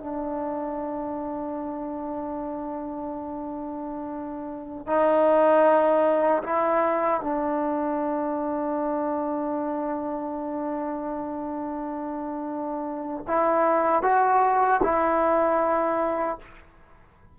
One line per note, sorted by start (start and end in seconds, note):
0.00 4.87 D4
4.87 6.43 D#4
6.44 7.21 E4
7.21 13.25 D4
13.28 14.03 E4
14.03 14.81 F#4
14.83 16.39 E4